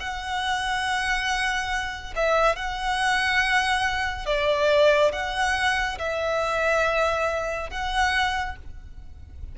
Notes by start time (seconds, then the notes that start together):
0.00 F#5
2.16 E5
2.56 F#5
4.26 D5
5.13 F#5
5.99 E5
7.71 F#5